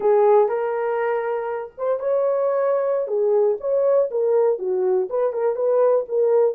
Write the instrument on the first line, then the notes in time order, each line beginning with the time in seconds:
horn
0.00 G#4
0.48 A#4
1.77 C5
1.99 C#5
3.07 G#4
3.60 C#5
4.10 A#4
4.59 F#4
5.09 B4
5.32 A#4
5.55 B4
6.08 A#4